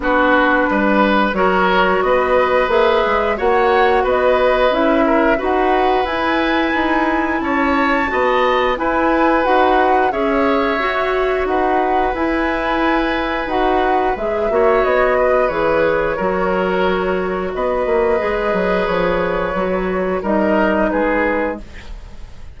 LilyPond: <<
  \new Staff \with { instrumentName = "flute" } { \time 4/4 \tempo 4 = 89 b'2 cis''4 dis''4 | e''4 fis''4 dis''4 e''4 | fis''4 gis''2 a''4~ | a''4 gis''4 fis''4 e''4~ |
e''4 fis''4 gis''2 | fis''4 e''4 dis''4 cis''4~ | cis''2 dis''2 | cis''2 dis''4 b'4 | }
  \new Staff \with { instrumentName = "oboe" } { \time 4/4 fis'4 b'4 ais'4 b'4~ | b'4 cis''4 b'4. ais'8 | b'2. cis''4 | dis''4 b'2 cis''4~ |
cis''4 b'2.~ | b'4. cis''4 b'4. | ais'2 b'2~ | b'2 ais'4 gis'4 | }
  \new Staff \with { instrumentName = "clarinet" } { \time 4/4 d'2 fis'2 | gis'4 fis'2 e'4 | fis'4 e'2. | fis'4 e'4 fis'4 gis'4 |
fis'2 e'2 | fis'4 gis'8 fis'4. gis'4 | fis'2. gis'4~ | gis'4 fis'4 dis'2 | }
  \new Staff \with { instrumentName = "bassoon" } { \time 4/4 b4 g4 fis4 b4 | ais8 gis8 ais4 b4 cis'4 | dis'4 e'4 dis'4 cis'4 | b4 e'4 dis'4 cis'4 |
fis'4 dis'4 e'2 | dis'4 gis8 ais8 b4 e4 | fis2 b8 ais8 gis8 fis8 | f4 fis4 g4 gis4 | }
>>